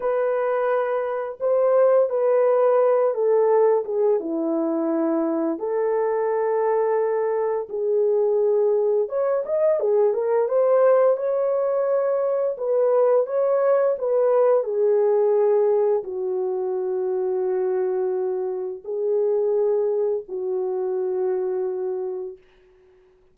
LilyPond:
\new Staff \with { instrumentName = "horn" } { \time 4/4 \tempo 4 = 86 b'2 c''4 b'4~ | b'8 a'4 gis'8 e'2 | a'2. gis'4~ | gis'4 cis''8 dis''8 gis'8 ais'8 c''4 |
cis''2 b'4 cis''4 | b'4 gis'2 fis'4~ | fis'2. gis'4~ | gis'4 fis'2. | }